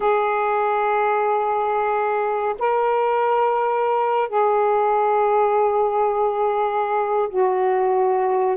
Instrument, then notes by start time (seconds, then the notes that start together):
saxophone
0.00 G#4
2.58 A#4
4.28 G#4
7.29 F#4